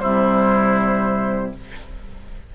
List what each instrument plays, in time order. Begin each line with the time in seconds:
0.00 bassoon C3, clarinet G3, oboe E4, flute C5